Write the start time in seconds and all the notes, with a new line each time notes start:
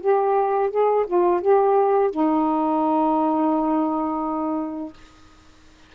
0.00 G4
0.70 G#4
1.07 F4
1.41 G4
2.10 D#4